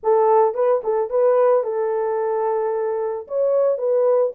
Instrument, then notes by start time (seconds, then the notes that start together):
horn
0.03 A4
0.54 B4
0.83 A4
1.10 B4
1.63 A4
3.27 C#5
3.78 B4